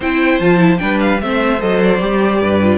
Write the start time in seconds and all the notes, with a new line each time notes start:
0.00 C4 E4 C5 G5
0.39 F3 F4 A5
0.58 E4
0.78 G3 D4 B4 G5
1.00 F5
1.20 A3 C4 C5 E5
1.58 F#3 A4 D#5
1.83 D5
2.00 G3 G4
2.40 G2 B4
2.62 F4